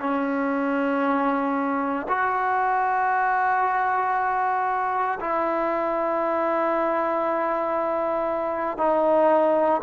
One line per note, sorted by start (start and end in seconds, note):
0.00 2.07 C#4
2.09 5.19 F#4
5.20 8.78 E4
8.78 9.81 D#4